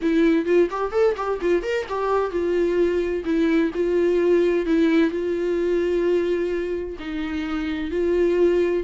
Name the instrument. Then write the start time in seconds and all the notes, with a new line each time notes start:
viola
0.01 E4
0.45 F4
0.70 G4
0.91 A4
1.16 G4
1.41 F4
1.62 A#4
1.88 G4
2.30 F4
3.24 E4
3.74 F4
4.66 E4
5.10 F4
6.99 D#4
7.90 F4